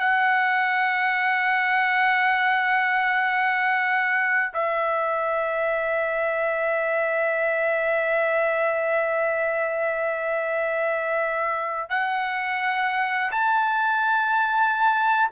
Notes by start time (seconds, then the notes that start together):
0.00 F#5
4.54 E5
11.90 F#5
13.32 A5